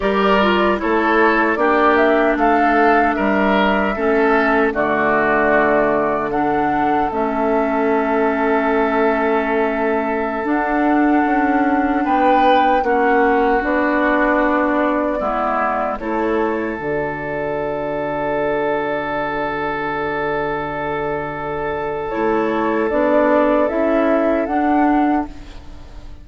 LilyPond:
<<
  \new Staff \with { instrumentName = "flute" } { \time 4/4 \tempo 4 = 76 d''4 cis''4 d''8 e''8 f''4 | e''2 d''2 | fis''4 e''2.~ | e''4~ e''16 fis''2 g''8.~ |
g''16 fis''4 d''2~ d''8.~ | d''16 cis''4 d''2~ d''8.~ | d''1 | cis''4 d''4 e''4 fis''4 | }
  \new Staff \with { instrumentName = "oboe" } { \time 4/4 ais'4 a'4 g'4 a'4 | ais'4 a'4 fis'2 | a'1~ | a'2.~ a'16 b'8.~ |
b'16 fis'2. e'8.~ | e'16 a'2.~ a'8.~ | a'1~ | a'1 | }
  \new Staff \with { instrumentName = "clarinet" } { \time 4/4 g'8 f'8 e'4 d'2~ | d'4 cis'4 a2 | d'4 cis'2.~ | cis'4~ cis'16 d'2~ d'8.~ |
d'16 cis'4 d'2 b8.~ | b16 e'4 fis'2~ fis'8.~ | fis'1 | e'4 d'4 e'4 d'4 | }
  \new Staff \with { instrumentName = "bassoon" } { \time 4/4 g4 a4 ais4 a4 | g4 a4 d2~ | d4 a2.~ | a4~ a16 d'4 cis'4 b8.~ |
b16 ais4 b2 gis8.~ | gis16 a4 d2~ d8.~ | d1 | a4 b4 cis'4 d'4 | }
>>